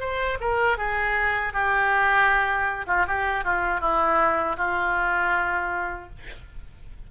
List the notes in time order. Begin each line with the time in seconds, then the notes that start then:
0.00 C5
0.40 A#4
0.78 G#4
1.53 G4
2.87 F4
3.07 G4
3.45 F4
3.80 E4
4.57 F4